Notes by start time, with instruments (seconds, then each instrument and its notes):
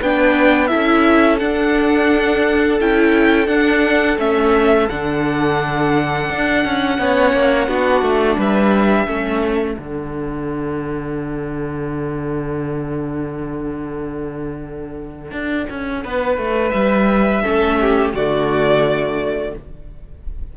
0.00 cello B3, viola D4, violin B4 G5
0.67 viola E4, violin A4 E5
0.74 cello C#4
1.39 viola D4, cello D4, violin F#5
2.80 cello C#4, viola E4, violin G5
3.46 viola D4, cello D4, violin F#5
4.18 cello A3, viola C#4, violin E5
4.89 cello D3, viola D4, violin F#5
6.29 cello D4
6.64 cello C#4
6.98 cello B3, viola C#4, violin C#5
7.33 cello A#3
7.67 cello B3, viola D4, violin F#4
8.02 cello A3
8.37 cello G3, violin B4 E5
9.07 cello A3, viola C#4, violin A4
9.74 cello D3, viola D4, violin F#5
15.31 cello D4
15.70 cello C#4
16.04 cello B3, violin B4
16.37 cello A3
16.70 cello G3, violin E5
17.42 cello A3, viola C#4, violin A4
17.81 violin G4
18.14 cello D3, viola A3, violin F#4 D5